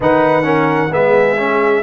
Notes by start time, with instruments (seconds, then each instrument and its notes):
0.00 tuba D#3, trombone D#4, horn B4, trumpet F#5
0.43 trombone C#4, horn A#4
0.91 tuba G#3, trombone B3, horn G#4, trumpet E5
1.37 trombone C#4